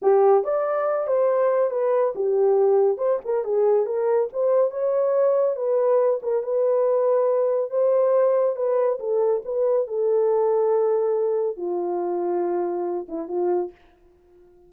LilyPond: \new Staff \with { instrumentName = "horn" } { \time 4/4 \tempo 4 = 140 g'4 d''4. c''4. | b'4 g'2 c''8 ais'8 | gis'4 ais'4 c''4 cis''4~ | cis''4 b'4. ais'8 b'4~ |
b'2 c''2 | b'4 a'4 b'4 a'4~ | a'2. f'4~ | f'2~ f'8 e'8 f'4 | }